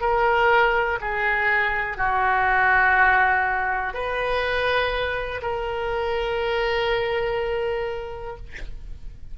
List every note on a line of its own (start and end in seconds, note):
0.00 0.98 A#4
1.01 1.97 G#4
1.97 3.93 F#4
3.93 5.41 B4
5.41 8.37 A#4